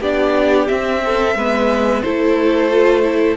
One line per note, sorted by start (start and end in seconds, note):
0.00 0.68 B3
0.00 0.68 D4
0.00 1.01 G4
0.00 0.68 D5
0.68 1.36 C4
0.68 1.35 C4
0.68 2.02 E5
1.05 1.38 A4
1.35 2.02 G#3
1.35 2.04 B3
1.35 2.04 B4
2.02 3.37 A3
2.02 2.71 E4
2.02 3.37 A4
2.02 3.37 C5
2.71 3.03 F4
3.03 3.37 E4